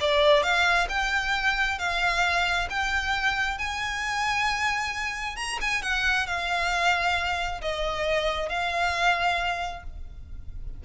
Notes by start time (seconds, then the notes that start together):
0.00 D5
0.43 F5
0.89 G5
1.78 F5
2.69 G5
3.58 G#5
5.36 A#5
5.61 G#5
5.82 F#5
6.26 F5
7.61 D#5
8.49 F5